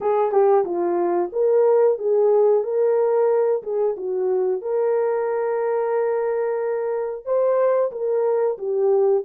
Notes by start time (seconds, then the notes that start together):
0.00 G#4
0.31 G4
0.64 F4
1.32 A#4
1.98 G#4
2.63 A#4
3.63 G#4
3.97 F#4
4.61 A#4
7.25 C5
7.91 A#4
8.57 G4